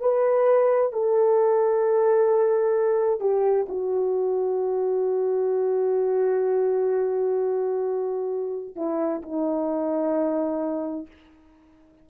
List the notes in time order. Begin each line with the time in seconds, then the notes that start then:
0.00 B4
0.93 A4
3.20 G4
3.69 F#4
8.76 E4
9.22 D#4